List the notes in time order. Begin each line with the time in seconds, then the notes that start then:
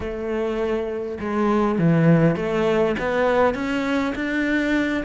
0.00 A3
1.20 G#3
1.78 E3
2.36 A3
2.99 B3
3.54 C#4
4.14 D4